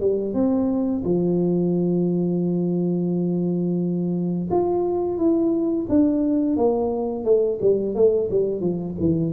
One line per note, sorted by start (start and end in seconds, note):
0.00 0.34 G3
0.34 1.03 C4
1.04 4.49 F3
4.50 5.17 F4
5.17 5.86 E4
5.89 6.56 D4
6.56 7.24 A#3
7.24 7.59 A3
7.61 7.95 G3
7.95 8.29 A3
8.30 8.60 G3
8.60 8.95 F3
8.99 9.33 E3